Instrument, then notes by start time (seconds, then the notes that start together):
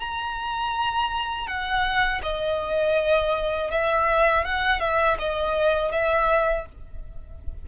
violin
0.00 A#5
1.47 F#5
2.23 D#5
3.70 E5
4.44 F#5
4.80 E5
5.19 D#5
5.92 E5